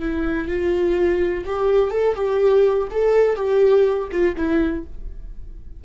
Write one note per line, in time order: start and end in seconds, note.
0.00 0.48 E4
0.48 1.45 F4
1.46 1.91 G4
1.91 2.16 A4
2.16 2.88 G4
2.91 3.36 A4
3.36 4.09 G4
4.12 4.36 F4
4.37 4.85 E4